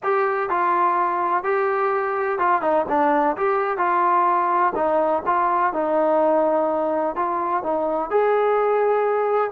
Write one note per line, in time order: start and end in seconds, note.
0.03 0.49 G4
0.49 1.43 F4
1.43 2.38 G4
2.39 2.61 F4
2.61 2.85 D#4
2.88 3.36 D4
3.37 3.77 G4
3.77 4.73 F4
4.75 5.22 D#4
5.26 5.73 F4
5.73 7.15 D#4
7.15 7.63 F4
7.63 8.10 D#4
8.10 9.51 G#4